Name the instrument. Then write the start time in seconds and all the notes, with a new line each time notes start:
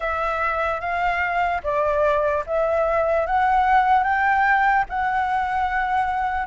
flute
0.00 E5
0.80 F5
1.63 D5
2.46 E5
3.26 F#5
4.03 G5
4.89 F#5